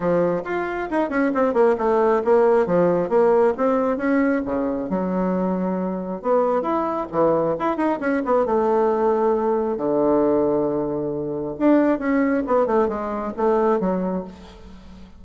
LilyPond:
\new Staff \with { instrumentName = "bassoon" } { \time 4/4 \tempo 4 = 135 f4 f'4 dis'8 cis'8 c'8 ais8 | a4 ais4 f4 ais4 | c'4 cis'4 cis4 fis4~ | fis2 b4 e'4 |
e4 e'8 dis'8 cis'8 b8 a4~ | a2 d2~ | d2 d'4 cis'4 | b8 a8 gis4 a4 fis4 | }